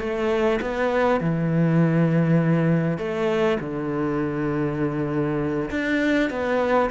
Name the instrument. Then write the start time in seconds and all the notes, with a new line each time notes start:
cello
0.00 A3
0.61 B3
1.21 E3
2.98 A3
3.60 D3
5.71 D4
6.31 B3